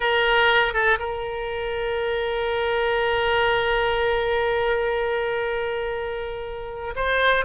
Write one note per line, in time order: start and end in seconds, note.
0.00 0.73 A#4
0.73 0.98 A4
0.99 6.94 A#4
6.95 7.45 C5